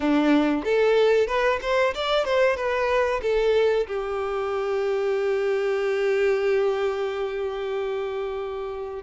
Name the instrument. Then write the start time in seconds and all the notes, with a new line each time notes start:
violin
0.00 D4
0.64 A4
1.27 B4
1.61 C5
1.94 D5
2.24 C5
2.56 B4
3.22 A4
3.87 G4